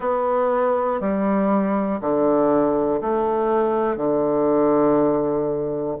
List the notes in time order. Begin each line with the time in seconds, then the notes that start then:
0.00 B3
1.00 G3
2.00 D3
3.01 A3
3.96 D3